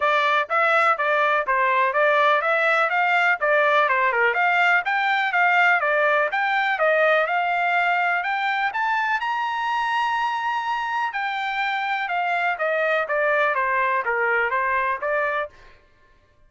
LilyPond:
\new Staff \with { instrumentName = "trumpet" } { \time 4/4 \tempo 4 = 124 d''4 e''4 d''4 c''4 | d''4 e''4 f''4 d''4 | c''8 ais'8 f''4 g''4 f''4 | d''4 g''4 dis''4 f''4~ |
f''4 g''4 a''4 ais''4~ | ais''2. g''4~ | g''4 f''4 dis''4 d''4 | c''4 ais'4 c''4 d''4 | }